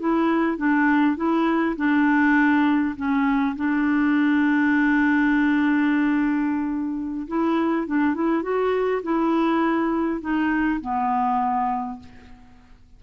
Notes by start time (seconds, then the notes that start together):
0.00 E4
0.58 D4
1.16 E4
1.77 D4
2.96 C#4
3.56 D4
7.28 E4
7.87 D4
8.14 E4
8.43 F#4
9.03 E4
10.21 D#4
10.81 B3